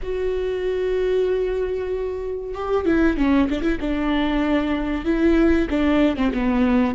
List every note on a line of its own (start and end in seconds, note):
0.03 2.54 F#4
2.54 2.85 G4
2.85 3.17 E4
3.17 3.48 C#4
3.49 3.62 D4
3.62 3.78 E4
3.80 5.04 D4
5.04 5.68 E4
5.70 6.16 D4
6.16 6.32 C4
6.33 6.95 B3